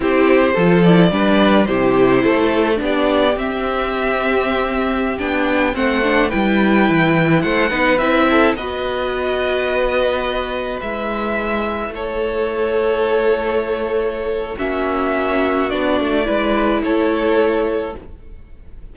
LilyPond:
<<
  \new Staff \with { instrumentName = "violin" } { \time 4/4 \tempo 4 = 107 c''4. d''4. c''4~ | c''4 d''4 e''2~ | e''4~ e''16 g''4 fis''4 g''8.~ | g''4~ g''16 fis''4 e''4 dis''8.~ |
dis''2.~ dis''16 e''8.~ | e''4~ e''16 cis''2~ cis''8.~ | cis''2 e''2 | d''2 cis''2 | }
  \new Staff \with { instrumentName = "violin" } { \time 4/4 g'4 a'4 b'4 g'4 | a'4 g'2.~ | g'2~ g'16 c''4 b'8.~ | b'4~ b'16 c''8 b'4 a'8 b'8.~ |
b'1~ | b'4~ b'16 a'2~ a'8.~ | a'2 fis'2~ | fis'4 b'4 a'2 | }
  \new Staff \with { instrumentName = "viola" } { \time 4/4 e'4 f'8 e'8 d'4 e'4~ | e'4 d'4 c'2~ | c'4~ c'16 d'4 c'8 d'8 e'8.~ | e'4.~ e'16 dis'8 e'4 fis'8.~ |
fis'2.~ fis'16 e'8.~ | e'1~ | e'2 cis'2 | d'4 e'2. | }
  \new Staff \with { instrumentName = "cello" } { \time 4/4 c'4 f4 g4 c4 | a4 b4 c'2~ | c'4~ c'16 b4 a4 g8.~ | g16 e4 a8 b8 c'4 b8.~ |
b2.~ b16 gis8.~ | gis4~ gis16 a2~ a8.~ | a2 ais2 | b8 a8 gis4 a2 | }
>>